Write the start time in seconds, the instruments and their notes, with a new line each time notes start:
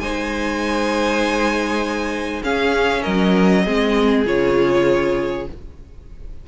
0.00 cello G#3, viola D#4, violin C5 G#5
2.43 viola C#4, cello C#4, violin G#4 F5
3.02 cello F#3, violin A#4 D#5
3.65 cello G#3, viola C4, violin G#4
4.25 cello C#3, viola F4, violin C#5